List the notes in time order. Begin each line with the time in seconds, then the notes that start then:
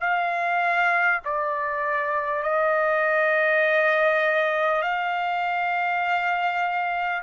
0.00 F5
1.24 D5
2.43 D#5
4.82 F5